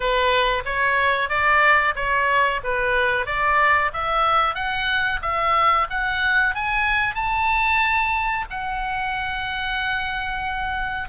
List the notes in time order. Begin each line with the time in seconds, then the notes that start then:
0.00 B4
0.65 C#5
1.29 D5
1.95 C#5
2.63 B4
3.25 D5
3.93 E5
4.54 F#5
5.21 E5
5.90 F#5
6.54 G#5
7.14 A5
8.50 F#5